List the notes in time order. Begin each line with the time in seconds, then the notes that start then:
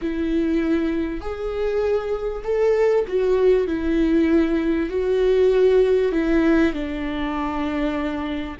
0.01 E4
1.21 G#4
2.44 A4
3.08 F#4
3.67 E4
4.89 F#4
6.11 E4
6.73 D4